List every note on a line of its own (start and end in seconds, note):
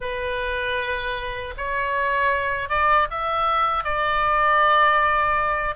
0.00 1.54 B4
1.57 2.69 C#5
2.69 3.07 D5
3.10 3.84 E5
3.84 5.75 D5